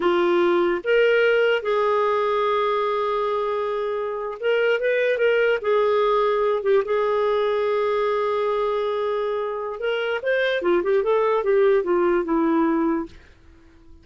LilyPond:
\new Staff \with { instrumentName = "clarinet" } { \time 4/4 \tempo 4 = 147 f'2 ais'2 | gis'1~ | gis'2~ gis'8. ais'4 b'16~ | b'8. ais'4 gis'2~ gis'16~ |
gis'16 g'8 gis'2.~ gis'16~ | gis'1 | ais'4 c''4 f'8 g'8 a'4 | g'4 f'4 e'2 | }